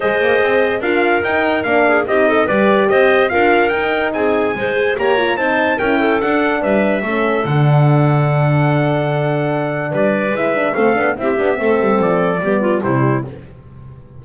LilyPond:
<<
  \new Staff \with { instrumentName = "trumpet" } { \time 4/4 \tempo 4 = 145 dis''2 f''4 g''4 | f''4 dis''4 d''4 dis''4 | f''4 g''4 gis''2 | ais''4 a''4 g''4 fis''4 |
e''2 fis''2~ | fis''1 | d''4 e''4 f''4 e''4~ | e''4 d''2 c''4 | }
  \new Staff \with { instrumentName = "clarinet" } { \time 4/4 c''2 ais'2~ | ais'8 gis'8 g'8 a'8 b'4 c''4 | ais'2 gis'4 c''4 | cis''4 c''4 ais'8 a'4. |
b'4 a'2.~ | a'1 | b'2 a'4 g'4 | a'2 g'8 f'8 e'4 | }
  \new Staff \with { instrumentName = "horn" } { \time 4/4 gis'2 f'4 dis'4 | d'4 dis'4 g'2 | f'4 dis'2 gis'4 | g'8 f'8 dis'4 e'4 d'4~ |
d'4 cis'4 d'2~ | d'1~ | d'4 e'8 d'8 c'8 d'8 e'8 d'8 | c'2 b4 g4 | }
  \new Staff \with { instrumentName = "double bass" } { \time 4/4 gis8 ais8 c'4 d'4 dis'4 | ais4 c'4 g4 c'4 | d'4 dis'4 c'4 gis4 | ais4 c'4 cis'4 d'4 |
g4 a4 d2~ | d1 | g4 gis4 a8 b8 c'8 b8 | a8 g8 f4 g4 c4 | }
>>